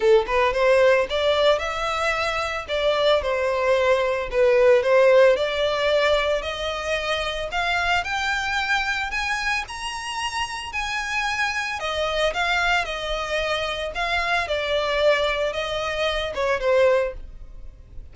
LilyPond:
\new Staff \with { instrumentName = "violin" } { \time 4/4 \tempo 4 = 112 a'8 b'8 c''4 d''4 e''4~ | e''4 d''4 c''2 | b'4 c''4 d''2 | dis''2 f''4 g''4~ |
g''4 gis''4 ais''2 | gis''2 dis''4 f''4 | dis''2 f''4 d''4~ | d''4 dis''4. cis''8 c''4 | }